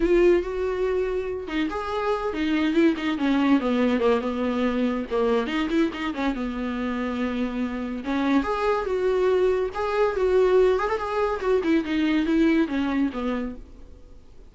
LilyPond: \new Staff \with { instrumentName = "viola" } { \time 4/4 \tempo 4 = 142 f'4 fis'2~ fis'8 dis'8 | gis'4. dis'4 e'8 dis'8 cis'8~ | cis'8 b4 ais8 b2 | ais4 dis'8 e'8 dis'8 cis'8 b4~ |
b2. cis'4 | gis'4 fis'2 gis'4 | fis'4. gis'16 a'16 gis'4 fis'8 e'8 | dis'4 e'4 cis'4 b4 | }